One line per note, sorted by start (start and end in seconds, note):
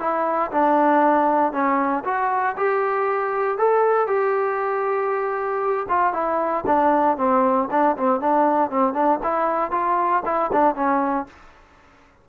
0.00 0.51 E4
0.51 1.53 D4
1.53 2.04 C#4
2.05 2.56 F#4
2.57 3.58 G4
3.58 4.07 A4
4.07 5.87 G4
5.89 6.14 F4
6.14 6.65 E4
6.67 7.17 D4
7.17 7.69 C4
7.71 7.97 D4
7.97 8.21 C4
8.21 8.71 D4
8.71 8.94 C4
8.94 9.20 D4
9.24 9.72 E4
9.72 10.23 F4
10.25 10.51 E4
10.53 10.76 D4
10.76 11.27 C#4